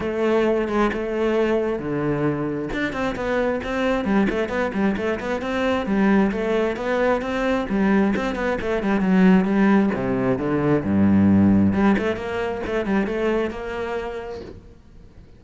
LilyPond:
\new Staff \with { instrumentName = "cello" } { \time 4/4 \tempo 4 = 133 a4. gis8 a2 | d2 d'8 c'8 b4 | c'4 g8 a8 b8 g8 a8 b8 | c'4 g4 a4 b4 |
c'4 g4 c'8 b8 a8 g8 | fis4 g4 c4 d4 | g,2 g8 a8 ais4 | a8 g8 a4 ais2 | }